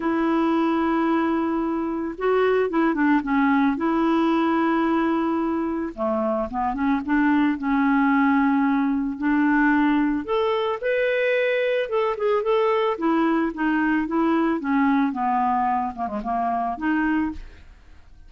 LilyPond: \new Staff \with { instrumentName = "clarinet" } { \time 4/4 \tempo 4 = 111 e'1 | fis'4 e'8 d'8 cis'4 e'4~ | e'2. a4 | b8 cis'8 d'4 cis'2~ |
cis'4 d'2 a'4 | b'2 a'8 gis'8 a'4 | e'4 dis'4 e'4 cis'4 | b4. ais16 gis16 ais4 dis'4 | }